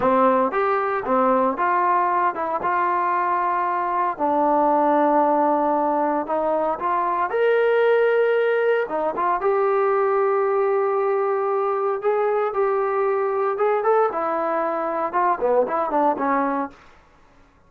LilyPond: \new Staff \with { instrumentName = "trombone" } { \time 4/4 \tempo 4 = 115 c'4 g'4 c'4 f'4~ | f'8 e'8 f'2. | d'1 | dis'4 f'4 ais'2~ |
ais'4 dis'8 f'8 g'2~ | g'2. gis'4 | g'2 gis'8 a'8 e'4~ | e'4 f'8 b8 e'8 d'8 cis'4 | }